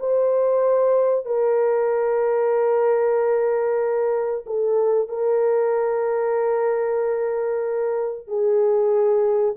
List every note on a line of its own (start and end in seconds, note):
0.00 1.26 C5
1.26 4.45 A#4
4.47 5.09 A4
5.09 8.28 A#4
8.28 9.55 G#4